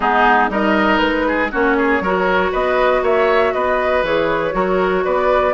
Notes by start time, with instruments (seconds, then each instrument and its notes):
0.00 bassoon G#3, clarinet B3, oboe D#4, flute G#4
0.49 bassoon G3, clarinet D#4, oboe A#4, flute D#5
0.98 bassoon G#3, flute B4
1.27 oboe G#4
1.51 bassoon A#3, clarinet C#4, oboe F#4, flute C#5
1.77 oboe G#4
2.00 bassoon F#3, clarinet F#4, oboe A#4
2.51 bassoon B3, oboe B4, flute D#5
3.02 bassoon A#3, oboe C#5, flute E5
3.53 bassoon B3, oboe B4, flute D#5
4.03 bassoon E3, clarinet G#4, flute C#5
4.51 bassoon F#3, clarinet F#4, oboe A#4
5.04 bassoon B3, oboe B4, flute D5